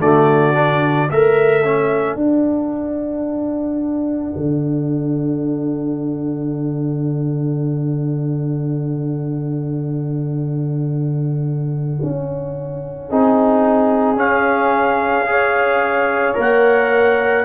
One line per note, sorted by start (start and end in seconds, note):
0.00 1.09 D3
0.00 0.54 A3
0.00 1.12 F#4
0.00 1.10 D5
0.54 1.09 D4
1.11 2.16 A3
1.11 13.10 A4
1.11 1.64 A#4
1.11 2.17 E5
1.64 2.18 C#4
2.16 4.34 D4
2.16 13.09 D4
2.16 14.17 F#5
4.37 12.00 D3
12.03 13.11 C#4
13.10 14.17 C4
13.10 14.17 D#4
13.10 15.28 G#4
14.17 15.26 C#4
14.17 16.35 C#4
14.17 16.37 F5
15.26 16.35 G#4
15.26 17.45 C#5
16.35 17.45 A#3
16.35 17.44 A#4
16.35 17.45 F#5